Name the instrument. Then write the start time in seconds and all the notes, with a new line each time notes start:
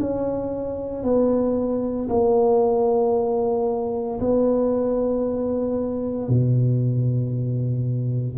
tuba
0.00 C#4
1.03 B3
2.10 A#3
4.20 B3
6.29 B2